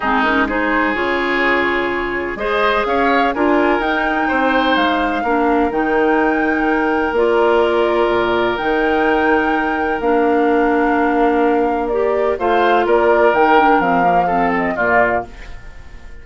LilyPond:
<<
  \new Staff \with { instrumentName = "flute" } { \time 4/4 \tempo 4 = 126 gis'8 ais'8 c''4 cis''2~ | cis''4 dis''4 f''4 gis''4 | g''2 f''2 | g''2. d''4~ |
d''2 g''2~ | g''4 f''2.~ | f''4 d''4 f''4 d''4 | g''4 f''4. dis''8 d''4 | }
  \new Staff \with { instrumentName = "oboe" } { \time 4/4 dis'4 gis'2.~ | gis'4 c''4 cis''4 ais'4~ | ais'4 c''2 ais'4~ | ais'1~ |
ais'1~ | ais'1~ | ais'2 c''4 ais'4~ | ais'2 a'4 f'4 | }
  \new Staff \with { instrumentName = "clarinet" } { \time 4/4 c'8 cis'8 dis'4 f'2~ | f'4 gis'2 f'4 | dis'2. d'4 | dis'2. f'4~ |
f'2 dis'2~ | dis'4 d'2.~ | d'4 g'4 f'2 | dis'8 d'8 c'8 ais8 c'4 ais4 | }
  \new Staff \with { instrumentName = "bassoon" } { \time 4/4 gis2 cis2~ | cis4 gis4 cis'4 d'4 | dis'4 c'4 gis4 ais4 | dis2. ais4~ |
ais4 ais,4 dis2~ | dis4 ais2.~ | ais2 a4 ais4 | dis4 f2 ais,4 | }
>>